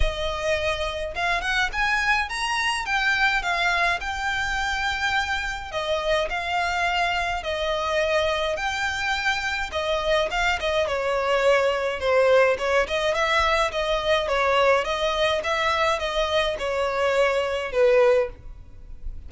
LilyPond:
\new Staff \with { instrumentName = "violin" } { \time 4/4 \tempo 4 = 105 dis''2 f''8 fis''8 gis''4 | ais''4 g''4 f''4 g''4~ | g''2 dis''4 f''4~ | f''4 dis''2 g''4~ |
g''4 dis''4 f''8 dis''8 cis''4~ | cis''4 c''4 cis''8 dis''8 e''4 | dis''4 cis''4 dis''4 e''4 | dis''4 cis''2 b'4 | }